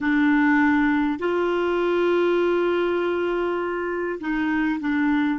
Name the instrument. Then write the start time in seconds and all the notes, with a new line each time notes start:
clarinet
0.00 D4
1.19 F4
4.20 D#4
4.80 D4